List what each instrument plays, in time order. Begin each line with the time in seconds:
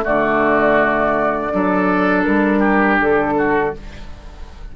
0.00 clarinet A3, oboe F#4, flute D5
0.07 bassoon D3
1.50 bassoon F#3, clarinet D4, oboe A4
2.23 bassoon G3, flute A#4
2.59 oboe G4
3.00 bassoon D3, flute A4
3.38 oboe F#4